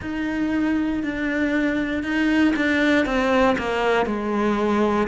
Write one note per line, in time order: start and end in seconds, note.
0.01 1.03 D#4
1.03 2.03 D4
2.03 2.54 D#4
2.56 3.05 D4
3.05 3.56 C4
3.57 4.05 A#3
4.05 5.07 G#3